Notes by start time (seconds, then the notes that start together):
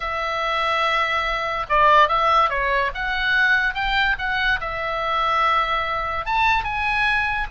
0.00 E5
1.69 D5
2.08 E5
2.49 C#5
2.94 F#5
3.74 G5
4.18 F#5
4.60 E5
6.25 A5
6.64 G#5